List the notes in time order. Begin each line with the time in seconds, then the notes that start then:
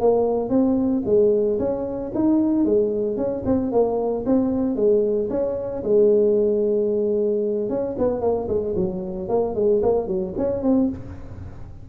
0.00 A#3
0.49 C4
1.05 G#3
1.59 C#4
2.15 D#4
2.65 G#3
3.17 C#4
3.46 C4
3.72 A#3
4.26 C4
4.76 G#3
5.30 C#4
5.83 G#3
7.69 C#4
7.98 B3
8.21 A#3
8.48 G#3
8.76 F#3
9.29 A#3
9.55 G#3
9.82 A#3
10.07 F#3
10.37 C#4
10.62 C4